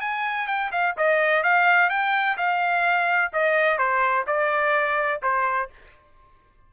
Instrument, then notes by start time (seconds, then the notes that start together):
trumpet
0.00 G#5
0.47 G5
0.71 F5
0.97 D#5
1.43 F5
1.89 G5
2.37 F5
3.33 D#5
3.78 C5
4.26 D5
5.22 C5